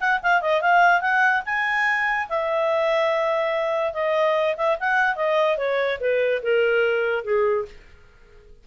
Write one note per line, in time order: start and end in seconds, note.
0.00 0.21 F#5
0.23 0.42 F5
0.42 0.62 D#5
0.62 1.01 F5
1.01 1.42 F#5
1.46 2.28 G#5
2.29 3.93 E5
3.93 4.55 D#5
4.57 4.78 E5
4.80 5.16 F#5
5.16 5.57 D#5
5.57 5.99 C#5
6.00 6.42 B4
6.43 7.24 A#4
7.24 7.66 G#4